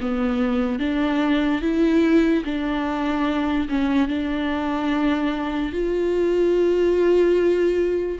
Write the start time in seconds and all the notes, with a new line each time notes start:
0.00 B3
0.79 D4
1.61 E4
2.44 D4
3.69 C#4
4.08 D4
5.72 F4